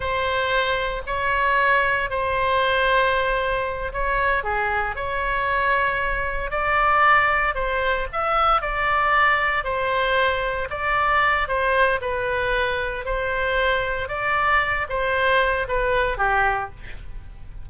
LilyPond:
\new Staff \with { instrumentName = "oboe" } { \time 4/4 \tempo 4 = 115 c''2 cis''2 | c''2.~ c''8 cis''8~ | cis''8 gis'4 cis''2~ cis''8~ | cis''8 d''2 c''4 e''8~ |
e''8 d''2 c''4.~ | c''8 d''4. c''4 b'4~ | b'4 c''2 d''4~ | d''8 c''4. b'4 g'4 | }